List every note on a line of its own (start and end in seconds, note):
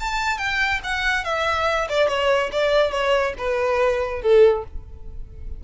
0.00 0.38 A5
0.38 0.80 G5
0.84 1.25 F#5
1.25 1.88 E5
1.89 2.08 D5
2.08 2.50 C#5
2.52 2.92 D5
2.92 3.34 C#5
3.38 4.22 B4
4.22 4.64 A4